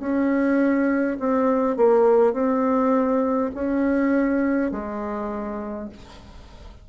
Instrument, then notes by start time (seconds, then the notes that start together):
bassoon
0.00 C#4
1.19 C4
1.76 A#3
2.33 C4
3.55 C#4
4.72 G#3